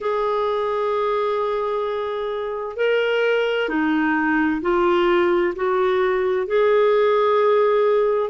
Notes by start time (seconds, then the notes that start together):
0.00 G#4
2.76 A#4
3.68 D#4
4.62 F4
5.55 F#4
6.46 G#4